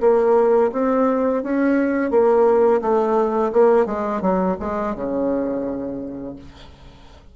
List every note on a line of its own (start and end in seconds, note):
0.00 0.71 A#3
0.72 1.43 C4
1.43 2.10 C#4
2.10 2.81 A#3
2.81 3.52 A3
3.53 3.86 A#3
3.86 4.21 G#3
4.21 4.56 F#3
4.59 4.95 G#3
4.95 6.36 C#3